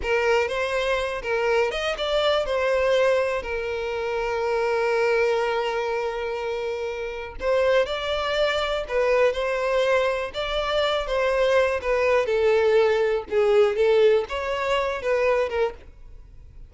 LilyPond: \new Staff \with { instrumentName = "violin" } { \time 4/4 \tempo 4 = 122 ais'4 c''4. ais'4 dis''8 | d''4 c''2 ais'4~ | ais'1~ | ais'2. c''4 |
d''2 b'4 c''4~ | c''4 d''4. c''4. | b'4 a'2 gis'4 | a'4 cis''4. b'4 ais'8 | }